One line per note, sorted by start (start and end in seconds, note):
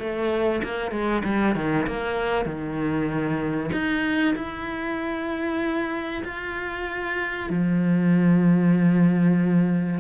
0.00 0.62 A3
0.64 0.92 A#3
0.92 1.23 G#3
1.25 1.56 G3
1.56 1.87 D#3
1.88 2.46 A#3
2.46 3.71 D#3
3.73 4.35 D#4
4.36 6.24 E4
6.25 7.50 F4
7.50 10.00 F3